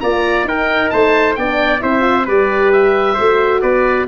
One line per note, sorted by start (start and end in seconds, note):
0.00 0.44 A#3
0.00 0.46 F4
0.00 0.48 D5
0.00 0.45 A#5
0.44 0.89 D#4
0.44 1.37 D#4
0.44 0.93 A#4
0.44 0.90 G5
0.90 1.37 A3
0.90 1.38 C5
0.90 1.35 A5
1.35 1.82 B3
1.35 1.79 D4
1.35 1.83 D5
1.35 1.80 G5
1.79 2.26 C4
1.79 2.00 E4
1.79 2.25 C5
1.79 2.27 E5
2.00 2.22 F4
2.25 3.16 G3
2.25 3.18 G4
2.25 3.14 B4
2.25 2.72 D5
2.72 3.61 E5
3.14 3.62 A3
3.14 4.08 F#4
3.14 3.59 C5
3.61 4.08 B3
3.61 4.07 B4
3.61 4.06 D5